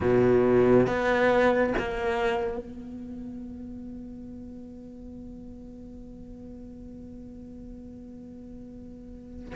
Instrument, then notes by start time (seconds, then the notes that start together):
cello
0.00 B2
0.86 B3
1.78 A#3
2.57 B3